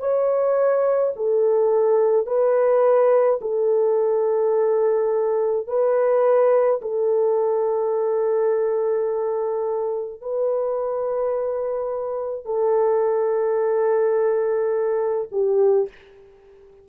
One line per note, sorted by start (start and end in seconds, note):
0.00 1.13 C#5
1.17 2.27 A4
2.27 3.40 B4
3.42 5.68 A4
5.68 6.81 B4
6.82 10.21 A4
10.21 12.46 B4
12.46 15.29 A4
15.32 15.89 G4